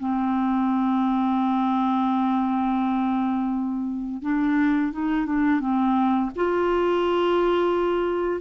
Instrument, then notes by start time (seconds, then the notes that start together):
clarinet
0.00 C4
4.22 D4
4.93 D#4
5.26 D4
5.61 C4
6.36 F4